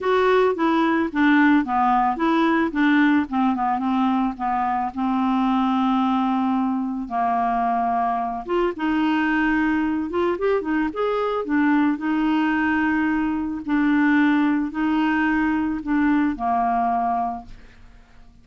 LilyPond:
\new Staff \with { instrumentName = "clarinet" } { \time 4/4 \tempo 4 = 110 fis'4 e'4 d'4 b4 | e'4 d'4 c'8 b8 c'4 | b4 c'2.~ | c'4 ais2~ ais8 f'8 |
dis'2~ dis'8 f'8 g'8 dis'8 | gis'4 d'4 dis'2~ | dis'4 d'2 dis'4~ | dis'4 d'4 ais2 | }